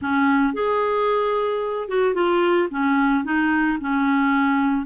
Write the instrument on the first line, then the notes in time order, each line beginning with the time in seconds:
clarinet
0.01 C#4
0.53 G#4
1.88 F#4
2.14 F4
2.70 C#4
3.24 D#4
3.80 C#4